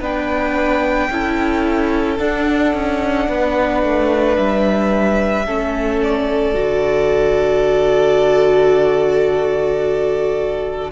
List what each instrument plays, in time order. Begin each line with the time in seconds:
0.00 cello B3, viola D4, violin B4 G5
1.10 cello C#4, viola E4, violin A4
2.18 viola D4, cello D4, violin F#5
2.74 cello C#4
3.29 cello B3, violin B4
3.83 cello A3
4.37 cello G3, violin E5
5.46 cello A3, viola C#4, violin A4
6.03 violin D5
6.55 cello D3, viola F#4